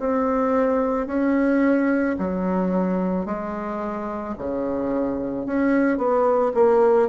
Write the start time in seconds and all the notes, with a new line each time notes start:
0.00 C4
1.08 C#4
2.19 F#3
3.26 G#3
4.38 C#3
5.46 C#4
5.98 B3
6.55 A#3